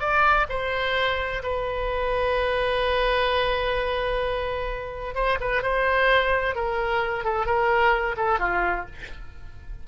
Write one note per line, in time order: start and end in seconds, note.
0.00 0.47 D5
0.49 1.42 C5
1.43 5.15 B4
5.15 5.38 C5
5.41 5.63 B4
5.63 6.55 C5
6.55 7.25 A#4
7.25 7.46 A4
7.46 8.16 A#4
8.17 8.39 A4
8.39 8.86 F4